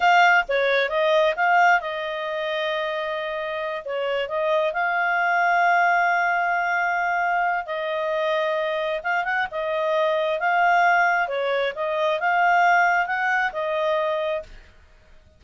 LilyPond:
\new Staff \with { instrumentName = "clarinet" } { \time 4/4 \tempo 4 = 133 f''4 cis''4 dis''4 f''4 | dis''1~ | dis''8 cis''4 dis''4 f''4.~ | f''1~ |
f''4 dis''2. | f''8 fis''8 dis''2 f''4~ | f''4 cis''4 dis''4 f''4~ | f''4 fis''4 dis''2 | }